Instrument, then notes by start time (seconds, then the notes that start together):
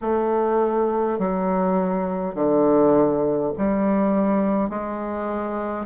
bassoon
0.01 A3
1.18 F#3
2.34 D3
3.57 G3
4.69 G#3